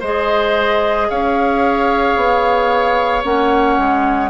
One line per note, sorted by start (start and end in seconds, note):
0.00 1.09 G#3
0.00 3.24 G#4
0.00 1.07 C5
0.00 1.09 D#5
1.09 2.16 C#4
1.09 4.30 C#5
1.09 3.24 F5
2.16 3.23 B3
3.24 3.78 A#3
3.24 4.30 C#4
3.24 4.30 F#5
3.78 4.30 G#3